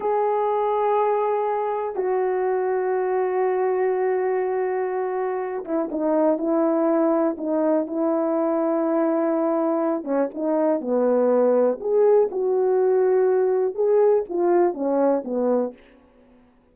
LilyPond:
\new Staff \with { instrumentName = "horn" } { \time 4/4 \tempo 4 = 122 gis'1 | fis'1~ | fis'2.~ fis'8 e'8 | dis'4 e'2 dis'4 |
e'1~ | e'8 cis'8 dis'4 b2 | gis'4 fis'2. | gis'4 f'4 cis'4 b4 | }